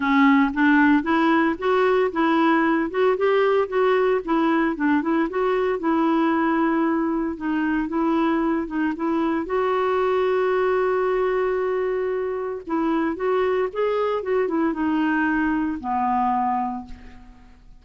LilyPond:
\new Staff \with { instrumentName = "clarinet" } { \time 4/4 \tempo 4 = 114 cis'4 d'4 e'4 fis'4 | e'4. fis'8 g'4 fis'4 | e'4 d'8 e'8 fis'4 e'4~ | e'2 dis'4 e'4~ |
e'8 dis'8 e'4 fis'2~ | fis'1 | e'4 fis'4 gis'4 fis'8 e'8 | dis'2 b2 | }